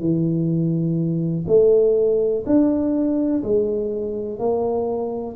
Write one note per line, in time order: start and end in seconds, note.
0.00 1.45 E3
1.47 2.44 A3
2.46 3.43 D4
3.44 4.39 G#3
4.39 5.36 A#3